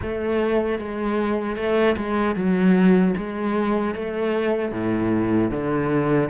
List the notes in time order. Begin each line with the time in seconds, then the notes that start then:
0.01 A3
0.78 G#3
1.56 A3
1.96 G#3
2.35 F#3
3.17 G#3
3.95 A3
4.72 A2
5.50 D3